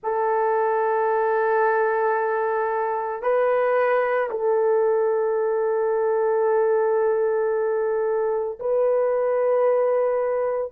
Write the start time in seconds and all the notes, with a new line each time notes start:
0.03 A4
3.22 B4
4.30 A4
8.60 B4